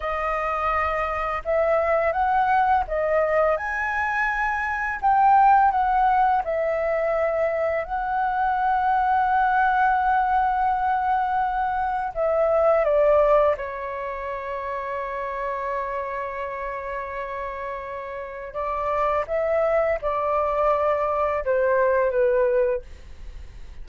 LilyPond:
\new Staff \with { instrumentName = "flute" } { \time 4/4 \tempo 4 = 84 dis''2 e''4 fis''4 | dis''4 gis''2 g''4 | fis''4 e''2 fis''4~ | fis''1~ |
fis''4 e''4 d''4 cis''4~ | cis''1~ | cis''2 d''4 e''4 | d''2 c''4 b'4 | }